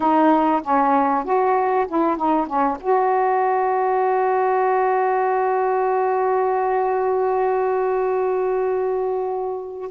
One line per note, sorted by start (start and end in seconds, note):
0.00 0.61 D#4
0.62 1.24 C#4
1.24 1.86 F#4
1.87 2.16 E4
2.16 2.46 D#4
2.46 2.77 C#4
2.80 9.90 F#4